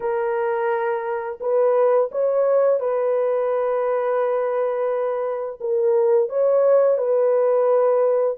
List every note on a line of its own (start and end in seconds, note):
0.00 1.39 A#4
1.40 2.10 B4
2.11 2.80 C#5
2.80 5.59 B4
5.60 6.29 A#4
6.29 6.97 C#5
6.97 8.37 B4